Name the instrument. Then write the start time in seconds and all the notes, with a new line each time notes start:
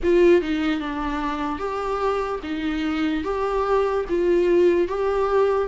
viola
0.03 F4
0.41 D#4
0.80 D4
1.58 G4
2.43 D#4
3.24 G4
4.09 F4
4.88 G4